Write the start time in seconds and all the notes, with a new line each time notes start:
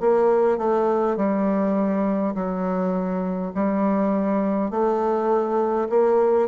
0.00 A#3
0.58 A3
1.17 G3
2.35 F#3
3.55 G3
4.71 A3
5.89 A#3